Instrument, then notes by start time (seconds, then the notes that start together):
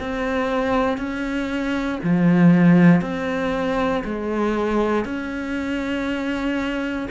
cello
0.00 C4
0.98 C#4
2.03 F3
3.02 C4
4.05 G#3
5.05 C#4